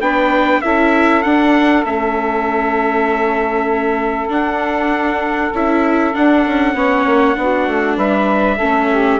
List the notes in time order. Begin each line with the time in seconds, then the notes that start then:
0.00 B3 D4 B4 G5
0.61 C#4 E4 A4 E5
1.22 D4 F#5
1.84 A3 C#4 E5
4.28 D4 F#5
5.53 C#4 E4 E5
6.13 D4 F#5
6.46 C#4
6.74 B3 C#4 C#5
7.06 A#3
7.35 B3 D4 F#4
7.67 A3
7.96 G3 B4 E5
8.56 C#4 A4
8.62 A3
8.92 G4